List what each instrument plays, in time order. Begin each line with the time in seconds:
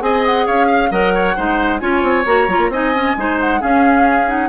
0.00 bassoon C4, clarinet G#4, oboe D#5, flute G#5
0.26 flute F#5
0.46 bassoon C#4, oboe C#5, flute F5
0.66 oboe F5
0.91 bassoon F#3, clarinet A#4, oboe D#5, flute F#5
1.14 oboe C#5
1.36 bassoon G#3, clarinet D#4, oboe C5
1.79 bassoon C#4, clarinet F4, oboe C#5, flute G#5
2.02 bassoon C4
2.25 bassoon A#3, clarinet F#4, flute A#5
2.48 bassoon F#3, clarinet F4
2.58 bassoon A#3
2.69 bassoon C4, clarinet D#4, oboe D#5, flute G#5
2.94 clarinet C#4
3.17 bassoon G#3, clarinet D#4, oboe C5
3.40 flute F#5
3.60 clarinet C#4, bassoon C#4, oboe G#4, flute F5
4.27 clarinet D#4, flute F#5